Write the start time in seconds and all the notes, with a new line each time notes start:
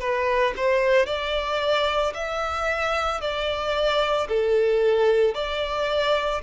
0.00 B4
0.56 C5
1.06 D5
2.14 E5
3.20 D5
4.29 A4
5.34 D5